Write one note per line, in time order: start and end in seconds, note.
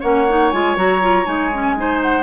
0.00 0.52 A#3
0.00 0.28 C#4
0.00 1.75 C#5
0.00 0.50 F#5
0.28 0.52 D#4
0.50 0.76 G#3
0.50 0.76 F4
0.50 0.75 G#5
0.76 1.26 F#3
0.76 1.01 F#4
0.76 1.26 A#5
1.01 1.25 F4
1.25 2.23 G#3
1.25 1.50 D#4
1.25 2.01 G#5
1.54 1.76 C#4
1.76 2.23 D#4
1.76 2.23 C5
2.02 2.23 F#5